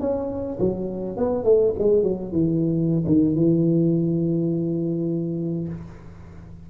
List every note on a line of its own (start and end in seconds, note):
0.00 0.58 C#4
0.59 1.17 F#3
1.17 1.44 B3
1.44 1.73 A3
1.78 2.03 G#3
2.03 2.32 F#3
2.32 3.05 E3
3.06 3.35 D#3
3.35 5.68 E3